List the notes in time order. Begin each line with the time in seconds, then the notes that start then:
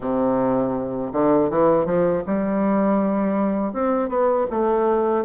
0.00 C3
1.12 D3
1.50 E3
1.85 F3
2.26 G3
3.73 C4
4.09 B3
4.50 A3